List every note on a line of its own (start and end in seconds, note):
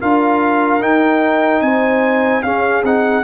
0.00 0.81 D4
0.00 0.80 F4
0.00 1.63 A#4
0.00 0.82 F5
0.80 2.43 D#4
0.80 1.61 D#4
0.80 1.62 G5
1.61 2.42 C4
1.61 2.44 C5
1.61 2.43 G#5
2.43 2.83 C#4
2.43 2.84 C#4
2.43 3.24 G#4
2.43 2.83 F5
2.83 3.23 C4
2.83 3.24 D#4
2.83 3.24 F#5